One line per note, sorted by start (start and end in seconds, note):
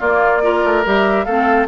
0.00 0.64 A#3
0.00 0.43 A#3
0.00 0.42 F4
0.00 0.84 D5
0.43 0.85 F4
0.43 1.25 A#4
0.64 0.85 A3
0.85 1.26 G3
0.85 1.27 G4
0.85 1.25 E5
1.25 1.68 A3
1.25 1.68 C4
1.25 1.67 A4
1.25 1.67 F5